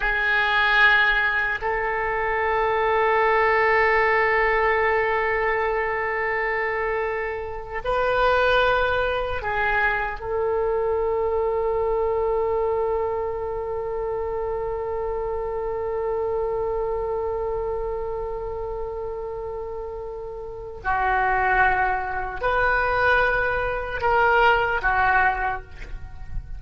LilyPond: \new Staff \with { instrumentName = "oboe" } { \time 4/4 \tempo 4 = 75 gis'2 a'2~ | a'1~ | a'4.~ a'16 b'2 gis'16~ | gis'8. a'2.~ a'16~ |
a'1~ | a'1~ | a'2 fis'2 | b'2 ais'4 fis'4 | }